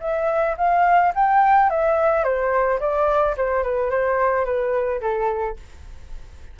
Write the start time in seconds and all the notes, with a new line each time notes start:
0.00 E5
0.57 F5
1.15 G5
1.70 E5
2.24 C5
2.80 D5
3.37 C5
3.63 B4
3.90 C5
4.45 B4
5.01 A4